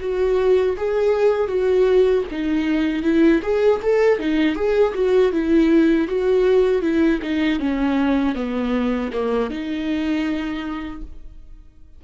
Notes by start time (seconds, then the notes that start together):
0.00 F#4
0.77 G#4
1.47 F#4
2.31 D#4
3.02 E4
3.42 G#4
3.82 A4
4.19 D#4
4.55 G#4
4.94 F#4
5.32 E4
6.08 F#4
6.82 E4
7.22 D#4
7.59 C#4
8.35 B3
9.12 A#3
9.50 D#4